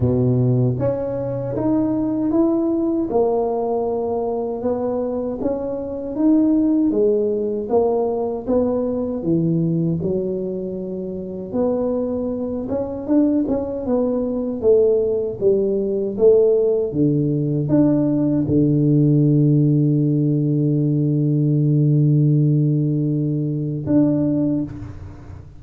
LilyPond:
\new Staff \with { instrumentName = "tuba" } { \time 4/4 \tempo 4 = 78 b,4 cis'4 dis'4 e'4 | ais2 b4 cis'4 | dis'4 gis4 ais4 b4 | e4 fis2 b4~ |
b8 cis'8 d'8 cis'8 b4 a4 | g4 a4 d4 d'4 | d1~ | d2. d'4 | }